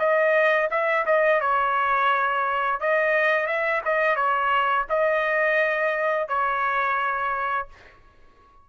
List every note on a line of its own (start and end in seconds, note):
0.00 0.70 D#5
0.71 1.06 E5
1.06 1.41 D#5
1.41 2.80 C#5
2.81 3.47 D#5
3.47 3.82 E5
3.86 4.16 D#5
4.16 4.86 C#5
4.90 6.29 D#5
6.29 7.68 C#5